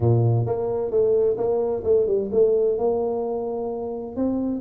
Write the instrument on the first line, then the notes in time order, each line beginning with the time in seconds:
tuba
0.00 A#2
0.46 A#3
0.90 A3
1.37 A#3
1.83 A3
2.06 G3
2.32 A3
2.78 A#3
4.15 C4